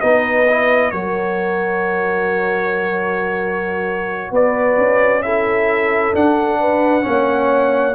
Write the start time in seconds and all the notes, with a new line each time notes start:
0.00 B3 D#4 B4 D#5
0.49 E4
0.91 F#3 F#4 A#4 C#5
4.31 B3 B4 D5
4.78 C#4
5.23 E4 A4 E5
6.14 D4 F#5
6.60 B4
7.01 A#3 C#4 C#5